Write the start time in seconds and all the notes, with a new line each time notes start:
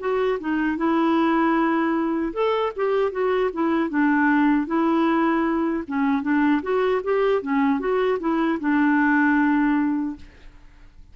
0.00 F#4
0.40 D#4
0.77 E4
2.33 A4
2.76 G4
3.12 F#4
3.53 E4
3.90 D4
4.67 E4
5.88 C#4
6.23 D4
6.63 F#4
7.04 G4
7.42 C#4
7.80 F#4
8.20 E4
8.60 D4